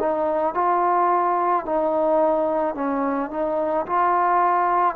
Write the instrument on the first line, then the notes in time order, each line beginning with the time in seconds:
trombone
0.00 D#4
0.55 F4
1.66 D#4
2.75 C#4
3.31 D#4
3.87 F4